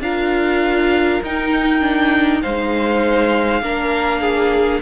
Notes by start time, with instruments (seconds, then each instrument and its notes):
0.00 cello D4, viola F4, violin A#4 F5
1.24 cello D#4, viola D#4, violin G5
1.81 viola D4
2.42 cello G#3, viola D#4, violin C5 F5
3.62 cello A#3, viola D4, violin A#4
4.21 violin G#4